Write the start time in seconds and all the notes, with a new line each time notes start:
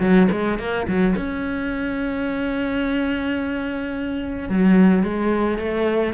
0.00 F#3
0.31 G#3
0.59 A#3
0.87 F#3
1.16 C#4
4.49 F#3
5.03 G#3
5.58 A3